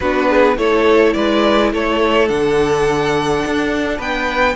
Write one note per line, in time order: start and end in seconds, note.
0.00 0.57 B3
0.00 0.56 D4
0.00 0.29 F#4
0.00 0.57 B4
0.29 0.57 G#4
0.56 1.14 A3
0.56 2.28 E4
0.56 1.15 A4
0.56 1.13 C#5
1.13 1.72 G#3
1.13 1.72 B4
1.13 1.70 D5
1.72 2.30 A3
1.72 3.97 A4
1.72 2.28 C#5
2.28 3.44 D3
2.28 4.56 D4
2.28 3.99 F#5
3.45 3.98 D4
3.97 4.56 B3
3.97 4.54 B4
3.97 4.56 G5